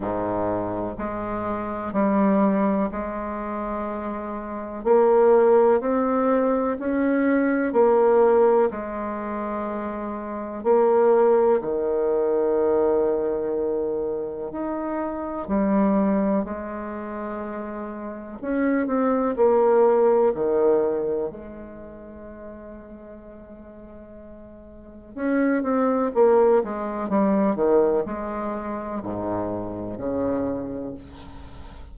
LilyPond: \new Staff \with { instrumentName = "bassoon" } { \time 4/4 \tempo 4 = 62 gis,4 gis4 g4 gis4~ | gis4 ais4 c'4 cis'4 | ais4 gis2 ais4 | dis2. dis'4 |
g4 gis2 cis'8 c'8 | ais4 dis4 gis2~ | gis2 cis'8 c'8 ais8 gis8 | g8 dis8 gis4 gis,4 cis4 | }